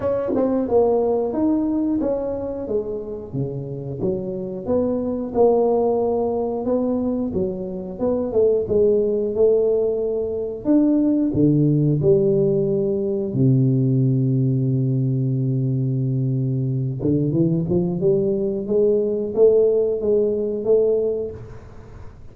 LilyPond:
\new Staff \with { instrumentName = "tuba" } { \time 4/4 \tempo 4 = 90 cis'8 c'8 ais4 dis'4 cis'4 | gis4 cis4 fis4 b4 | ais2 b4 fis4 | b8 a8 gis4 a2 |
d'4 d4 g2 | c1~ | c4. d8 e8 f8 g4 | gis4 a4 gis4 a4 | }